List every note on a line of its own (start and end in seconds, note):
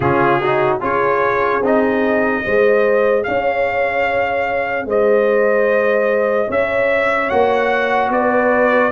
0.00 0.81 C#3
0.00 0.42 C#4
0.00 0.39 F4
0.00 0.77 G#4
0.39 0.80 D#4
0.39 0.79 F#4
0.80 1.60 C#4
0.80 1.61 F4
0.80 2.43 G#4
0.80 1.64 C#5
1.60 2.41 C4
1.60 2.43 D#4
1.60 3.23 D#5
2.43 3.27 G#3
2.43 7.30 G#4
2.43 3.25 C5
3.23 4.85 C#4
3.23 4.86 C#5
3.23 4.85 F5
4.85 6.47 G#3
4.85 6.48 C5
4.85 6.51 D#5
6.48 7.30 C#4
6.48 8.10 C#5
6.48 7.29 E5
7.29 8.09 A#3
7.29 8.91 F#4
7.29 8.10 F#5
8.09 8.90 B3
8.09 8.91 B4
8.09 8.91 D5